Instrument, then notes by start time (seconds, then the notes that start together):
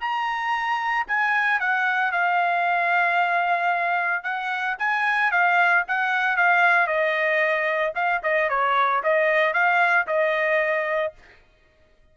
trumpet
0.00 A#5
1.07 G#5
1.60 F#5
2.12 F5
4.23 F#5
4.78 G#5
5.31 F5
5.88 F#5
6.36 F5
6.87 D#5
7.95 F5
8.23 D#5
8.49 C#5
9.03 D#5
9.53 F5
10.07 D#5